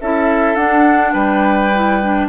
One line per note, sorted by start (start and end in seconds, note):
0.00 0.55 C#4
0.00 0.57 E4
0.00 1.12 A4
0.00 0.55 E5
0.55 1.13 D4
0.55 1.72 D4
0.55 1.13 F#5
1.12 2.28 G3
1.12 2.28 B4
1.12 2.28 G5
1.74 2.02 E4
2.02 2.28 D4